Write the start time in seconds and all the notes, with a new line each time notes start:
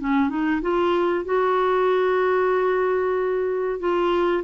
0.00 C#4
0.29 D#4
0.61 F4
1.25 F#4
3.79 F4